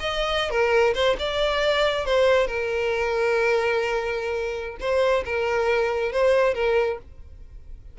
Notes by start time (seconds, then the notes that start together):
0.00 D#5
0.50 A#4
0.94 C5
1.19 D5
2.06 C5
2.47 A#4
4.80 C5
5.25 A#4
6.12 C5
6.54 A#4